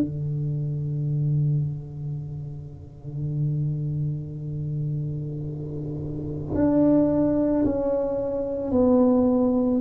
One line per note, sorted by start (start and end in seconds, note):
0.00 6.54 D3
6.54 7.63 D4
7.64 8.71 C#4
8.71 9.80 B3